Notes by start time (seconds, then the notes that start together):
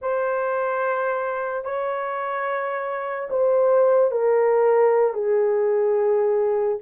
0.01 C5
1.64 C#5
3.30 C5
4.11 A#4
5.13 G#4